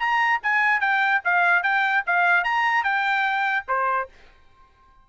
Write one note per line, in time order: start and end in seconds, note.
0.00 0.41 A#5
0.43 0.81 G#5
0.81 1.22 G5
1.25 1.63 F5
1.63 2.04 G5
2.07 2.44 F5
2.44 2.84 A#5
2.84 3.65 G5
3.68 4.09 C5